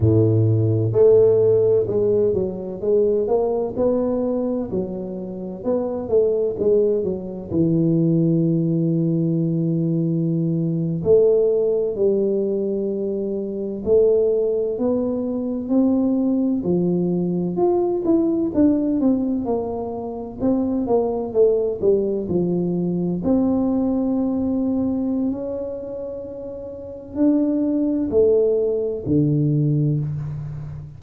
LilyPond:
\new Staff \with { instrumentName = "tuba" } { \time 4/4 \tempo 4 = 64 a,4 a4 gis8 fis8 gis8 ais8 | b4 fis4 b8 a8 gis8 fis8 | e2.~ e8. a16~ | a8. g2 a4 b16~ |
b8. c'4 f4 f'8 e'8 d'16~ | d'16 c'8 ais4 c'8 ais8 a8 g8 f16~ | f8. c'2~ c'16 cis'4~ | cis'4 d'4 a4 d4 | }